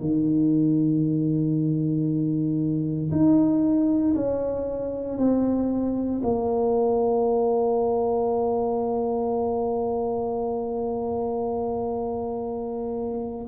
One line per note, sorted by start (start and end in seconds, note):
0.00 3.10 D#3
3.11 4.14 D#4
4.15 5.18 C#4
5.18 6.21 C4
6.23 13.47 A#3